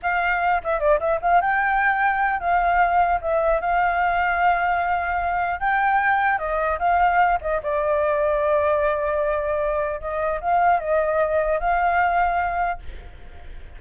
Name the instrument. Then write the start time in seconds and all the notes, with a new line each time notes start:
flute
0.02 F5
0.63 E5
0.79 D5
0.99 E5
1.21 F5
1.41 G5
2.40 F5
3.21 E5
3.60 F5
5.60 G5
6.38 D#5
6.79 F5
7.41 D#5
7.62 D5
10.00 D#5
10.40 F5
10.79 D#5
11.59 F5